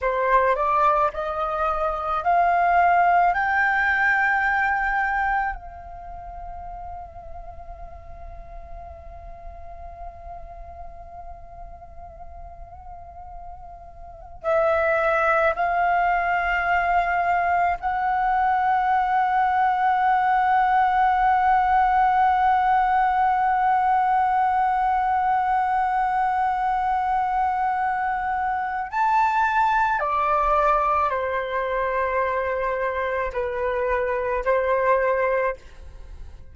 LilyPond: \new Staff \with { instrumentName = "flute" } { \time 4/4 \tempo 4 = 54 c''8 d''8 dis''4 f''4 g''4~ | g''4 f''2.~ | f''1~ | f''4 e''4 f''2 |
fis''1~ | fis''1~ | fis''2 a''4 d''4 | c''2 b'4 c''4 | }